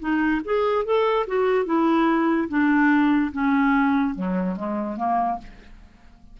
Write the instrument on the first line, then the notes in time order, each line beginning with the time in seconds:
clarinet
0.00 D#4
0.45 G#4
0.85 A4
1.27 F#4
1.66 E4
2.49 D4
3.33 C#4
4.15 F#3
4.56 G#3
4.97 A#3